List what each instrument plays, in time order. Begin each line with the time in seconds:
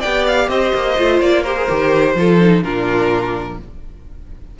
0.00 cello B3, viola G4, violin D5 G5
0.27 violin F5
0.49 cello C4, violin C5 D#5
0.74 cello A#3
0.98 cello A3, viola F4
1.20 cello A#3, violin D5
1.42 viola G4, violin A#4 C5
1.57 viola G#4
1.69 cello D#3, viola G4
2.15 cello F3, viola F4, violin A4
2.41 viola D#4
2.63 cello A#2, viola D4, violin F4 A#4